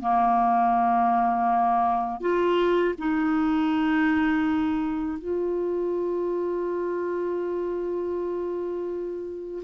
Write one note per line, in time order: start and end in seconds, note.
0.00 2.20 A#3
2.20 2.94 F4
2.98 5.19 D#4
5.19 9.63 F4